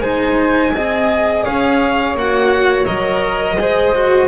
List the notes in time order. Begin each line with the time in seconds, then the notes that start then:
0.00 G#3 D#4 C5 G#5
0.73 C4 G#4 D#5
1.43 C#4 C#5 F5
2.14 A#3 F#4 F#5
2.85 F#3 A#4 D#5
3.56 G#3 G#4 C5
3.94 F#4